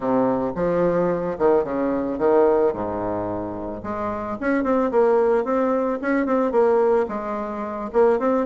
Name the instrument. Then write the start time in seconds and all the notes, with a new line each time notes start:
bassoon
0.00 C3
0.55 F3
1.38 D#3
1.63 C#3
2.18 D#3
2.73 G#2
3.83 G#3
4.40 C#4
4.63 C4
4.91 A#3
5.44 C4
6.01 C#4
6.26 C4
6.51 A#3
7.08 G#3
7.92 A#3
8.19 C4